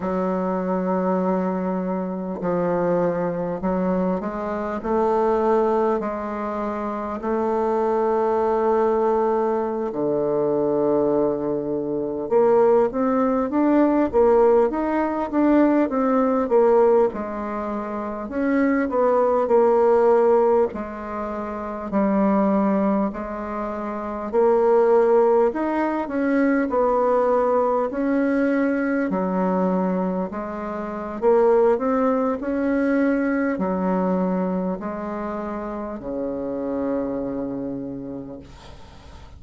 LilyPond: \new Staff \with { instrumentName = "bassoon" } { \time 4/4 \tempo 4 = 50 fis2 f4 fis8 gis8 | a4 gis4 a2~ | a16 d2 ais8 c'8 d'8 ais16~ | ais16 dis'8 d'8 c'8 ais8 gis4 cis'8 b16~ |
b16 ais4 gis4 g4 gis8.~ | gis16 ais4 dis'8 cis'8 b4 cis'8.~ | cis'16 fis4 gis8. ais8 c'8 cis'4 | fis4 gis4 cis2 | }